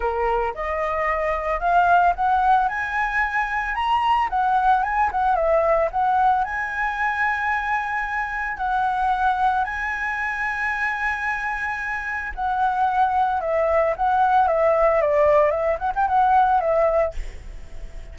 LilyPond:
\new Staff \with { instrumentName = "flute" } { \time 4/4 \tempo 4 = 112 ais'4 dis''2 f''4 | fis''4 gis''2 ais''4 | fis''4 gis''8 fis''8 e''4 fis''4 | gis''1 |
fis''2 gis''2~ | gis''2. fis''4~ | fis''4 e''4 fis''4 e''4 | d''4 e''8 fis''16 g''16 fis''4 e''4 | }